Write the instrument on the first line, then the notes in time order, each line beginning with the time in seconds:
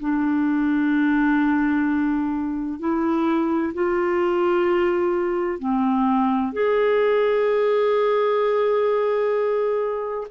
clarinet
0.00 D4
2.80 E4
3.74 F4
5.59 C4
6.52 G#4